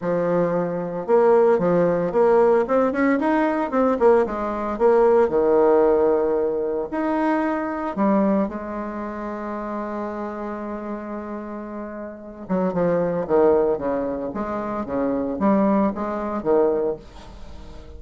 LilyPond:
\new Staff \with { instrumentName = "bassoon" } { \time 4/4 \tempo 4 = 113 f2 ais4 f4 | ais4 c'8 cis'8 dis'4 c'8 ais8 | gis4 ais4 dis2~ | dis4 dis'2 g4 |
gis1~ | gis2.~ gis8 fis8 | f4 dis4 cis4 gis4 | cis4 g4 gis4 dis4 | }